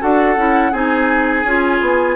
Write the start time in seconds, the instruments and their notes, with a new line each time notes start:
0.00 bassoon D4, clarinet F#4, oboe A4, flute F#5
0.36 bassoon C#4, clarinet E4
0.72 bassoon C4, clarinet D#4, oboe G#4, flute G#5
1.44 bassoon C#4, clarinet F4
1.81 bassoon B3